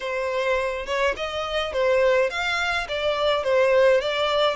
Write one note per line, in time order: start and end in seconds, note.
0.00 0.86 C5
0.86 1.14 C#5
1.16 1.72 D#5
1.72 2.30 C5
2.30 2.87 F5
2.88 3.43 D5
3.43 4.00 C5
4.01 4.56 D5